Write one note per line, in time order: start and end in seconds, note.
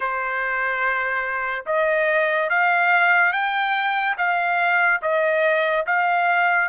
0.00 1.65 C5
1.66 2.49 D#5
2.49 3.32 F5
3.32 4.16 G5
4.17 5.00 F5
5.02 5.85 D#5
5.86 6.69 F5